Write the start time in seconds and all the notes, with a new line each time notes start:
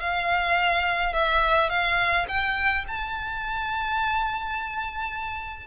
0.00 F5
1.13 E5
1.69 F5
2.28 G5
2.87 A5